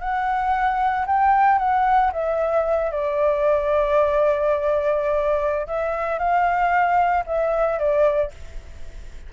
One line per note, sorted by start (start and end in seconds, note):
0.00 1.05 F#5
1.06 1.58 G5
1.58 2.11 F#5
2.12 2.91 E5
2.91 5.67 D5
5.67 6.18 E5
6.18 7.24 F5
7.26 7.78 E5
7.78 8.31 D5